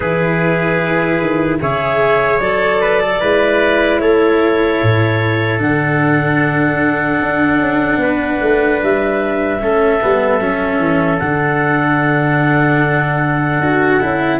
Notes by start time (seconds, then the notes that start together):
0.00 E3 E4 G#4 B4
1.20 D#3
1.60 C#3 G#4 C#5 E5
2.39 F#3 A4 D5
2.81 B4
3.02 A4
3.20 G#3 E4 B4
3.99 A3 A4 C#5
4.82 A2
5.58 D3 D4 F#5
7.21 D4
7.59 C#4
7.97 B3 B4
8.41 A3
8.82 G3 E5
9.60 A3 C#4 A4
10.01 G3 B3
10.40 F#3 C#4
10.78 E3
11.18 D3 D4 F#5
13.59 D4 F#4
14.00 C#4 E4